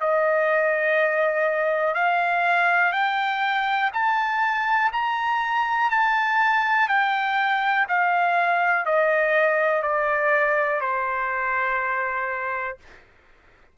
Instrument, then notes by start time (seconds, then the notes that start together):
trumpet
0.00 D#5
1.94 F5
2.92 G5
3.93 A5
4.92 A#5
5.90 A5
6.89 G5
7.88 F5
8.86 D#5
9.82 D5
10.81 C5